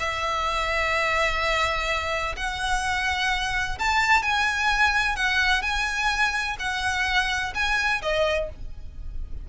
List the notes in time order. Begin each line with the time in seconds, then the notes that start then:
0.00 E5
2.37 F#5
3.79 A5
4.23 G#5
5.16 F#5
5.63 G#5
6.60 F#5
7.55 G#5
8.03 D#5